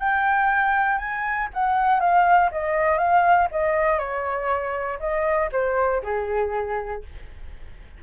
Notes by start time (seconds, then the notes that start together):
0.00 G5
0.98 G#5
1.54 F#5
2.00 F5
2.52 D#5
2.98 F5
3.51 D#5
3.99 C#5
5.00 D#5
5.52 C5
6.03 G#4